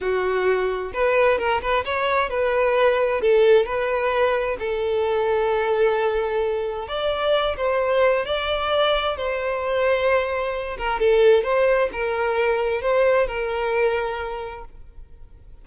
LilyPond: \new Staff \with { instrumentName = "violin" } { \time 4/4 \tempo 4 = 131 fis'2 b'4 ais'8 b'8 | cis''4 b'2 a'4 | b'2 a'2~ | a'2. d''4~ |
d''8 c''4. d''2 | c''2.~ c''8 ais'8 | a'4 c''4 ais'2 | c''4 ais'2. | }